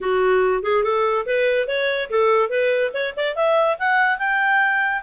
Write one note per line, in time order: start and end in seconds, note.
0.00 0.63 F#4
0.63 0.83 G#4
0.83 1.25 A4
1.25 1.67 B4
1.67 2.09 C#5
2.10 2.49 A4
2.49 2.91 B4
2.93 3.14 C#5
3.16 3.35 D5
3.35 3.77 E5
3.78 4.18 F#5
4.18 5.02 G5